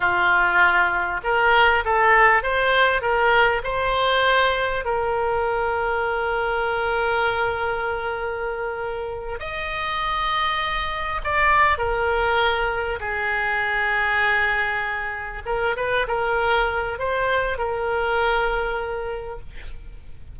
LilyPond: \new Staff \with { instrumentName = "oboe" } { \time 4/4 \tempo 4 = 99 f'2 ais'4 a'4 | c''4 ais'4 c''2 | ais'1~ | ais'2.~ ais'8 dis''8~ |
dis''2~ dis''8 d''4 ais'8~ | ais'4. gis'2~ gis'8~ | gis'4. ais'8 b'8 ais'4. | c''4 ais'2. | }